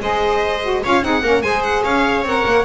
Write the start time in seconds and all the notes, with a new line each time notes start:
0.00 G#3 G#4 C5 D#5
0.63 F#4
0.84 C#4 F4 C#5 F5
1.03 C4 D#4 G#4 F#5
1.22 A#3 C#4 A#4
1.42 G#3 G#4 C5 G#5
1.64 F#5
1.84 C#4 C#5 F5
2.23 C4 A#4 F#5
2.46 A#3